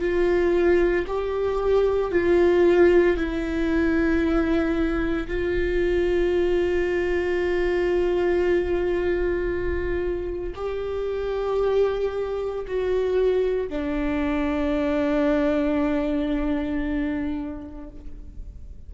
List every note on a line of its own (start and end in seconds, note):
0.00 1.05 F4
1.07 2.12 G4
2.12 3.17 F4
3.17 5.27 E4
5.28 10.54 F4
10.56 12.66 G4
12.67 13.69 F#4
13.69 17.90 D4